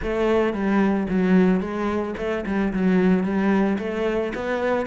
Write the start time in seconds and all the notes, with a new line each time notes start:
0.02 A3
0.53 G3
1.08 F#3
1.60 G#3
2.17 A3
2.45 G3
2.73 F#3
3.23 G3
3.78 A3
4.35 B3